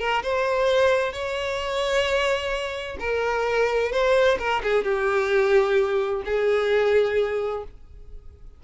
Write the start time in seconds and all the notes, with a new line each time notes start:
0.00 A#4
0.23 C5
1.13 C#5
3.00 A#4
3.92 C5
4.39 A#4
4.64 G#4
4.84 G4
6.26 G#4